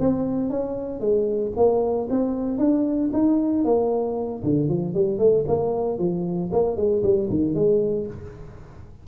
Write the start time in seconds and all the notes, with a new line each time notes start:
0.00 C4
0.50 C#4
1.00 G#3
1.56 A#3
2.10 C4
2.58 D4
3.13 D#4
3.65 A#3
4.43 D3
4.69 F3
4.94 G3
5.19 A3
5.48 A#3
5.99 F3
6.52 A#3
6.77 G#3
7.03 G3
7.30 D#3
7.55 G#3